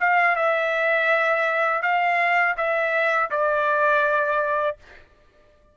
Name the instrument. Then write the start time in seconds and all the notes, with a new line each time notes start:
trumpet
0.00 F5
0.36 E5
1.82 F5
2.57 E5
3.30 D5